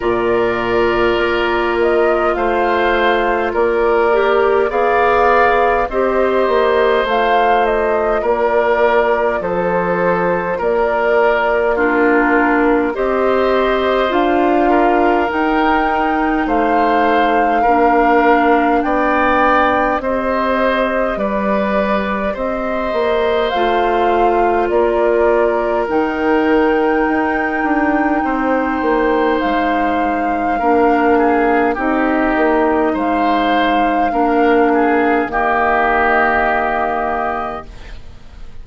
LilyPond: <<
  \new Staff \with { instrumentName = "flute" } { \time 4/4 \tempo 4 = 51 d''4. dis''8 f''4 d''4 | f''4 dis''4 f''8 dis''8 d''4 | c''4 d''4 ais'4 dis''4 | f''4 g''4 f''2 |
g''4 dis''4 d''4 dis''4 | f''4 d''4 g''2~ | g''4 f''2 dis''4 | f''2 dis''2 | }
  \new Staff \with { instrumentName = "oboe" } { \time 4/4 ais'2 c''4 ais'4 | d''4 c''2 ais'4 | a'4 ais'4 f'4 c''4~ | c''8 ais'4. c''4 ais'4 |
d''4 c''4 b'4 c''4~ | c''4 ais'2. | c''2 ais'8 gis'8 g'4 | c''4 ais'8 gis'8 g'2 | }
  \new Staff \with { instrumentName = "clarinet" } { \time 4/4 f'2.~ f'8 g'8 | gis'4 g'4 f'2~ | f'2 d'4 g'4 | f'4 dis'2 d'4~ |
d'4 g'2. | f'2 dis'2~ | dis'2 d'4 dis'4~ | dis'4 d'4 ais2 | }
  \new Staff \with { instrumentName = "bassoon" } { \time 4/4 ais,4 ais4 a4 ais4 | b4 c'8 ais8 a4 ais4 | f4 ais2 c'4 | d'4 dis'4 a4 ais4 |
b4 c'4 g4 c'8 ais8 | a4 ais4 dis4 dis'8 d'8 | c'8 ais8 gis4 ais4 c'8 ais8 | gis4 ais4 dis2 | }
>>